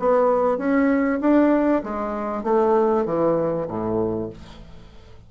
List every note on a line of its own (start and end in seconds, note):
0.00 0.58 B3
0.58 1.20 C#4
1.21 1.83 D4
1.84 2.44 G#3
2.44 3.06 A3
3.06 3.68 E3
3.68 4.30 A2